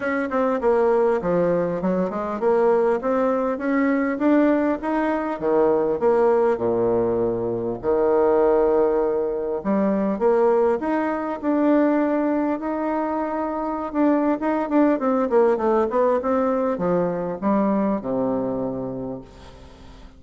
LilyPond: \new Staff \with { instrumentName = "bassoon" } { \time 4/4 \tempo 4 = 100 cis'8 c'8 ais4 f4 fis8 gis8 | ais4 c'4 cis'4 d'4 | dis'4 dis4 ais4 ais,4~ | ais,4 dis2. |
g4 ais4 dis'4 d'4~ | d'4 dis'2~ dis'16 d'8. | dis'8 d'8 c'8 ais8 a8 b8 c'4 | f4 g4 c2 | }